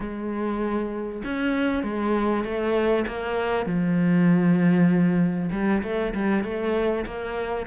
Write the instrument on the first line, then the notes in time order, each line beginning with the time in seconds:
cello
0.00 G#3
1.24 C#4
1.83 G#3
2.44 A3
3.07 A#3
3.66 F3
5.51 G3
5.82 A3
6.14 G3
6.43 A3
7.05 A#3